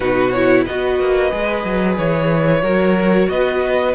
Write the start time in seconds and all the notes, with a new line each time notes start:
0.00 B2 D#4 F#4 B4
0.31 E4 C#5
0.63 B3 F#4 B4 D#5
0.99 A#3
1.30 G#3 G#4
1.64 F#3
1.98 E3 C#5
2.62 F#3 F#4 A#4
3.29 B3 B4 D#5